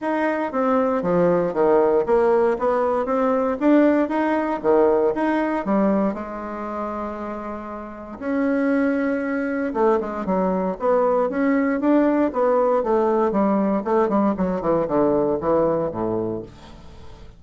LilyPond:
\new Staff \with { instrumentName = "bassoon" } { \time 4/4 \tempo 4 = 117 dis'4 c'4 f4 dis4 | ais4 b4 c'4 d'4 | dis'4 dis4 dis'4 g4 | gis1 |
cis'2. a8 gis8 | fis4 b4 cis'4 d'4 | b4 a4 g4 a8 g8 | fis8 e8 d4 e4 a,4 | }